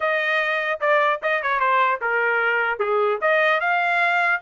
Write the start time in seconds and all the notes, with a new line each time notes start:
0.00 D#5
0.80 D5
1.22 D#5
1.42 C#5
1.59 C5
2.01 A#4
2.79 G#4
3.21 D#5
3.60 F5